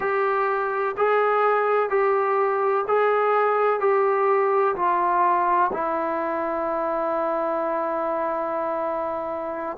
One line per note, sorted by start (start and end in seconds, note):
0.00 0.95 G4
0.97 1.89 G#4
1.89 2.84 G4
2.87 3.80 G#4
3.80 4.75 G4
4.75 5.71 F4
5.72 9.77 E4